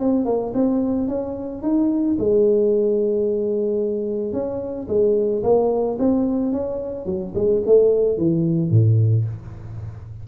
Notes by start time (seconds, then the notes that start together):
0.00 C4
0.26 A#3
0.55 C4
1.08 C#4
1.63 D#4
2.19 G#3
4.33 C#4
4.88 G#3
5.44 A#3
5.99 C4
6.53 C#4
7.06 F#3
7.35 G#3
7.67 A3
8.18 E3
8.71 A2